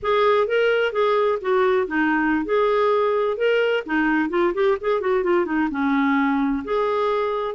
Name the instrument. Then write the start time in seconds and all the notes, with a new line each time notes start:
clarinet
0.02 G#4
0.47 A#4
0.92 G#4
1.41 F#4
1.87 D#4
2.45 G#4
3.37 A#4
3.86 D#4
4.29 F4
4.54 G4
4.80 G#4
5.00 F#4
5.23 F4
5.45 D#4
5.70 C#4
6.64 G#4